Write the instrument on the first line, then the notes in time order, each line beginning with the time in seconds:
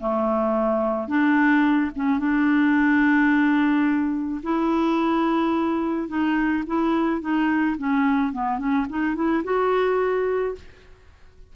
clarinet
0.00 A3
1.08 D4
1.95 C#4
2.19 D4
4.43 E4
6.08 D#4
6.67 E4
7.21 D#4
7.78 C#4
8.33 B3
8.59 C#4
8.90 D#4
9.15 E4
9.44 F#4